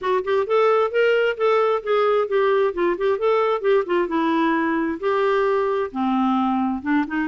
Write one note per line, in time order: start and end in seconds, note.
0.01 0.24 F#4
0.24 0.46 G4
0.46 0.91 A4
0.91 1.36 A#4
1.37 1.82 A4
1.83 2.28 G#4
2.28 2.73 G4
2.73 2.96 F4
2.97 3.18 G4
3.18 3.61 A4
3.61 3.83 G4
3.86 4.08 F4
4.08 4.99 E4
4.99 5.90 G4
5.91 6.82 C4
6.82 7.05 D4
7.07 7.28 D#4